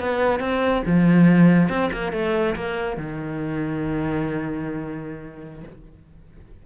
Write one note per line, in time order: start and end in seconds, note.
0.00 0.40 B3
0.40 0.83 C4
0.86 1.69 F3
1.69 1.90 C4
1.93 2.13 A#3
2.13 2.55 A3
2.56 2.97 A#3
2.97 5.63 D#3